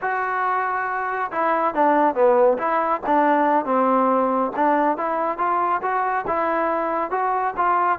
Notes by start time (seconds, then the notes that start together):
0.01 F#4
1.31 E4
1.74 D4
2.14 B3
2.58 E4
3.06 D4
3.65 C4
4.55 D4
4.97 E4
5.38 F4
5.82 F#4
6.27 E4
7.10 F#4
7.56 F4